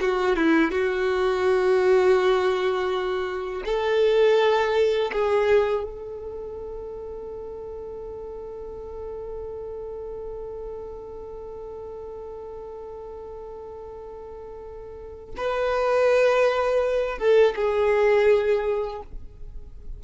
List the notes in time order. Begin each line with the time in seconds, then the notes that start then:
0.00 F#4
0.36 E4
0.71 F#4
3.65 A4
5.12 G#4
5.83 A4
15.37 B4
17.18 A4
17.55 G#4